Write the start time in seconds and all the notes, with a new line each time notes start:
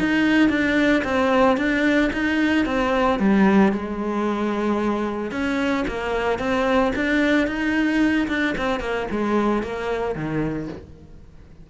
0.00 D#4
0.49 D4
1.04 C4
1.58 D4
2.13 D#4
2.66 C4
3.19 G3
3.73 G#3
5.32 C#4
5.88 A#3
6.39 C4
6.96 D4
7.48 D#4
8.28 D4
8.58 C4
8.80 A#3
9.11 G#3
9.63 A#3
10.15 D#3